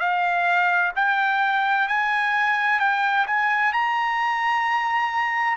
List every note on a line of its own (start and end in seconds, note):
0.00 0.92 F5
0.96 1.88 G5
1.88 2.80 G#5
2.80 3.26 G5
3.27 3.73 G#5
3.73 5.57 A#5